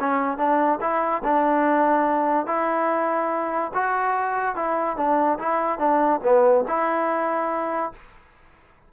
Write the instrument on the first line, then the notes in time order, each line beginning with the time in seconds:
trombone
0.00 C#4
0.38 D4
0.81 E4
1.24 D4
2.47 E4
3.75 F#4
4.56 E4
4.97 D4
5.39 E4
5.79 D4
6.23 B3
6.68 E4